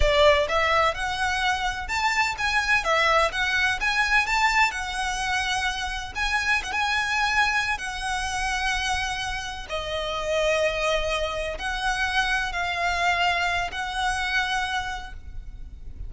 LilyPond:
\new Staff \with { instrumentName = "violin" } { \time 4/4 \tempo 4 = 127 d''4 e''4 fis''2 | a''4 gis''4 e''4 fis''4 | gis''4 a''4 fis''2~ | fis''4 gis''4 fis''16 gis''4.~ gis''16~ |
gis''8 fis''2.~ fis''8~ | fis''8 dis''2.~ dis''8~ | dis''8 fis''2 f''4.~ | f''4 fis''2. | }